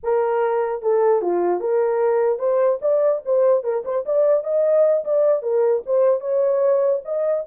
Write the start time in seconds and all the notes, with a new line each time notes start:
0.03 A#4
0.82 A4
1.21 F4
1.60 A#4
2.38 C5
2.81 D5
3.25 C5
3.63 A#4
3.84 C5
4.05 D5
4.43 D#5
5.04 D5
5.42 A#4
5.85 C5
6.20 C#5
7.04 D#5